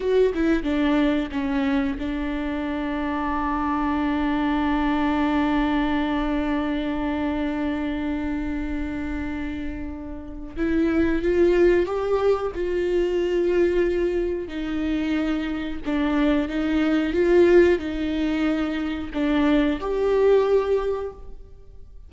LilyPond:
\new Staff \with { instrumentName = "viola" } { \time 4/4 \tempo 4 = 91 fis'8 e'8 d'4 cis'4 d'4~ | d'1~ | d'1~ | d'1 |
e'4 f'4 g'4 f'4~ | f'2 dis'2 | d'4 dis'4 f'4 dis'4~ | dis'4 d'4 g'2 | }